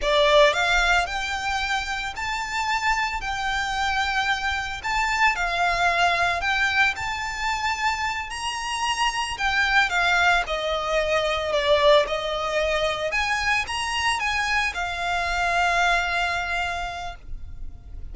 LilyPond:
\new Staff \with { instrumentName = "violin" } { \time 4/4 \tempo 4 = 112 d''4 f''4 g''2 | a''2 g''2~ | g''4 a''4 f''2 | g''4 a''2~ a''8 ais''8~ |
ais''4. g''4 f''4 dis''8~ | dis''4. d''4 dis''4.~ | dis''8 gis''4 ais''4 gis''4 f''8~ | f''1 | }